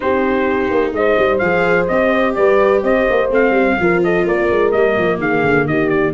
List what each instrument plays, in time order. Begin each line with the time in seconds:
0.00 tuba C4, viola D#4, horn G4, trumpet C5
0.70 tuba A#3
0.92 tuba G#3, horn C5, trumpet D#5
1.18 tuba G3
1.38 tuba F3, viola G#4, trumpet F5
1.87 tuba C4, viola G4, trumpet D#5
2.34 tuba G3, horn B4, trumpet D5
2.83 tuba C4, horn C5, trumpet D#5
3.09 tuba A#3
3.30 tuba A3, viola C4, trumpet F5
3.50 tuba G3
3.79 tuba F3, viola F4, horn A#4
4.03 horn A4, trumpet D#5
4.24 tuba A#3, horn A#4, trumpet D5
4.50 tuba G#3
4.71 tuba G3, viola A#3, trumpet D#5
4.97 tuba F3
5.17 tuba D#3, horn G#4, trumpet F5
5.43 tuba D3
5.65 tuba D#3, horn G4, trumpet D#5
5.89 trumpet D5